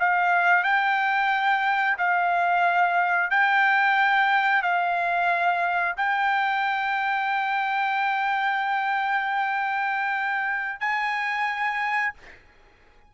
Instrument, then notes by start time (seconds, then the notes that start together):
trumpet
0.00 F5
0.64 G5
1.98 F5
3.31 G5
4.63 F5
5.97 G5
10.81 G#5